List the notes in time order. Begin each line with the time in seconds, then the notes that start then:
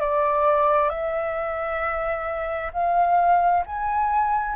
0.00 D5
0.89 E5
2.73 F5
3.66 G#5